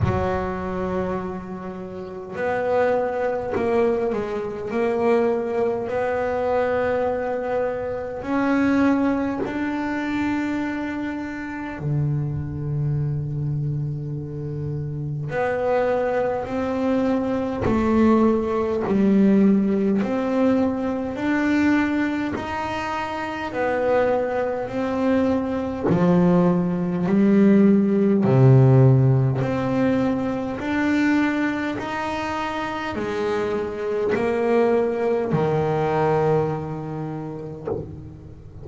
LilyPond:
\new Staff \with { instrumentName = "double bass" } { \time 4/4 \tempo 4 = 51 fis2 b4 ais8 gis8 | ais4 b2 cis'4 | d'2 d2~ | d4 b4 c'4 a4 |
g4 c'4 d'4 dis'4 | b4 c'4 f4 g4 | c4 c'4 d'4 dis'4 | gis4 ais4 dis2 | }